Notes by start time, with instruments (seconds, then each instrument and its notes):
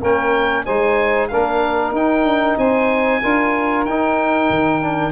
0.00 tuba A#3, trombone C#4, saxophone A#4, oboe G5
0.65 tuba G#3, trombone D#4, saxophone C5, oboe G#5
1.28 tuba A#3, trombone D4, saxophone A#4, oboe F5
1.92 tuba D#4, trombone D#4, oboe G5
2.23 tuba D4
2.57 tuba C4, saxophone C5, oboe G#5
3.22 tuba D4, trombone F4, saxophone A#4
3.85 tuba D#4, trombone D#4, oboe G5
4.49 tuba D#3
4.82 trombone D4